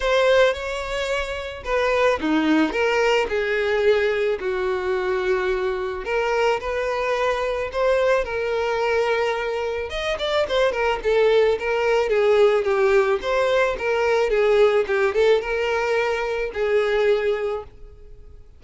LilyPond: \new Staff \with { instrumentName = "violin" } { \time 4/4 \tempo 4 = 109 c''4 cis''2 b'4 | dis'4 ais'4 gis'2 | fis'2. ais'4 | b'2 c''4 ais'4~ |
ais'2 dis''8 d''8 c''8 ais'8 | a'4 ais'4 gis'4 g'4 | c''4 ais'4 gis'4 g'8 a'8 | ais'2 gis'2 | }